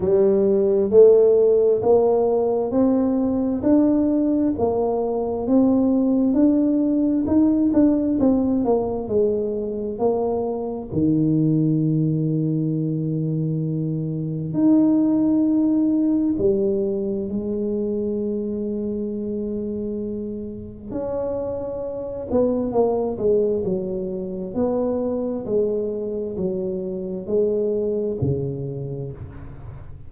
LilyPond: \new Staff \with { instrumentName = "tuba" } { \time 4/4 \tempo 4 = 66 g4 a4 ais4 c'4 | d'4 ais4 c'4 d'4 | dis'8 d'8 c'8 ais8 gis4 ais4 | dis1 |
dis'2 g4 gis4~ | gis2. cis'4~ | cis'8 b8 ais8 gis8 fis4 b4 | gis4 fis4 gis4 cis4 | }